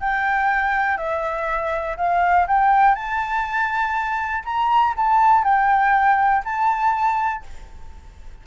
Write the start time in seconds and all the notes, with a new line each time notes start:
0.00 G5
0.97 E5
1.97 F5
2.47 G5
2.95 A5
4.44 A#5
4.96 A5
5.44 G5
6.45 A5